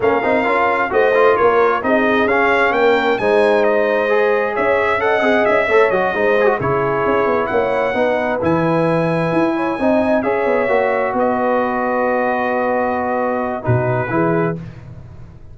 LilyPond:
<<
  \new Staff \with { instrumentName = "trumpet" } { \time 4/4 \tempo 4 = 132 f''2 dis''4 cis''4 | dis''4 f''4 g''4 gis''4 | dis''2 e''4 fis''4 | e''4 dis''4. cis''4.~ |
cis''8 fis''2 gis''4.~ | gis''2~ gis''8 e''4.~ | e''8 dis''2.~ dis''8~ | dis''2 b'2 | }
  \new Staff \with { instrumentName = "horn" } { \time 4/4 ais'2 c''4 ais'4 | gis'2 ais'4 c''4~ | c''2 cis''4 dis''4~ | dis''8 cis''4 c''4 gis'4.~ |
gis'8 cis''4 b'2~ b'8~ | b'4 cis''8 dis''4 cis''4.~ | cis''8 b'2.~ b'8~ | b'2 fis'4 gis'4 | }
  \new Staff \with { instrumentName = "trombone" } { \time 4/4 cis'8 dis'8 f'4 fis'8 f'4. | dis'4 cis'2 dis'4~ | dis'4 gis'2 a'8 gis'8~ | gis'8 a'8 fis'8 dis'8 gis'16 fis'16 e'4.~ |
e'4. dis'4 e'4.~ | e'4. dis'4 gis'4 fis'8~ | fis'1~ | fis'2 dis'4 e'4 | }
  \new Staff \with { instrumentName = "tuba" } { \time 4/4 ais8 c'8 cis'4 a4 ais4 | c'4 cis'4 ais4 gis4~ | gis2 cis'4. c'8 | cis'8 a8 fis8 gis4 cis4 cis'8 |
b8 ais4 b4 e4.~ | e8 e'4 c'4 cis'8 b8 ais8~ | ais8 b2.~ b8~ | b2 b,4 e4 | }
>>